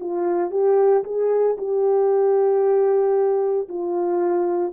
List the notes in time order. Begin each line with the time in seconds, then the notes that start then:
0.00 F4
0.51 G4
1.04 G#4
1.57 G4
3.68 F4